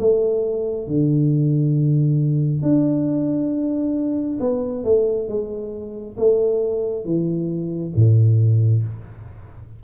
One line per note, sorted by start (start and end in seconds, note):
0.00 0.88 A3
0.88 2.63 D3
2.63 4.39 D4
4.41 4.84 B3
4.84 5.29 A3
5.29 6.17 G#3
6.18 7.05 A3
7.05 7.93 E3
7.96 8.84 A2